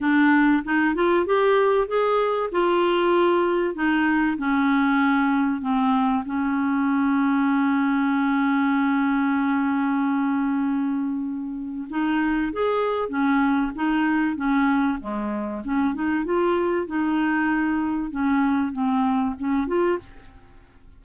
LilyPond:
\new Staff \with { instrumentName = "clarinet" } { \time 4/4 \tempo 4 = 96 d'4 dis'8 f'8 g'4 gis'4 | f'2 dis'4 cis'4~ | cis'4 c'4 cis'2~ | cis'1~ |
cis'2. dis'4 | gis'4 cis'4 dis'4 cis'4 | gis4 cis'8 dis'8 f'4 dis'4~ | dis'4 cis'4 c'4 cis'8 f'8 | }